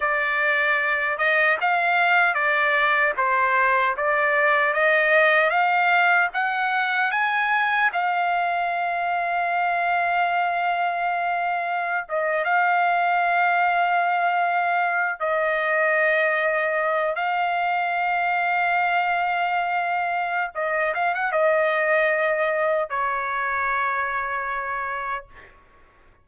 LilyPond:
\new Staff \with { instrumentName = "trumpet" } { \time 4/4 \tempo 4 = 76 d''4. dis''8 f''4 d''4 | c''4 d''4 dis''4 f''4 | fis''4 gis''4 f''2~ | f''2.~ f''16 dis''8 f''16~ |
f''2.~ f''16 dis''8.~ | dis''4.~ dis''16 f''2~ f''16~ | f''2 dis''8 f''16 fis''16 dis''4~ | dis''4 cis''2. | }